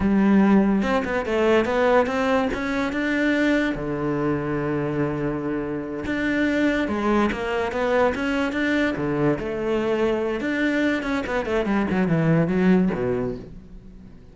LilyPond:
\new Staff \with { instrumentName = "cello" } { \time 4/4 \tempo 4 = 144 g2 c'8 b8 a4 | b4 c'4 cis'4 d'4~ | d'4 d2.~ | d2~ d8 d'4.~ |
d'8 gis4 ais4 b4 cis'8~ | cis'8 d'4 d4 a4.~ | a4 d'4. cis'8 b8 a8 | g8 fis8 e4 fis4 b,4 | }